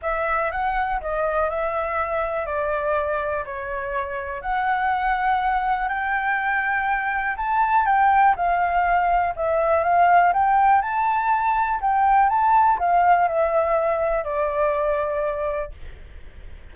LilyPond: \new Staff \with { instrumentName = "flute" } { \time 4/4 \tempo 4 = 122 e''4 fis''4 dis''4 e''4~ | e''4 d''2 cis''4~ | cis''4 fis''2. | g''2. a''4 |
g''4 f''2 e''4 | f''4 g''4 a''2 | g''4 a''4 f''4 e''4~ | e''4 d''2. | }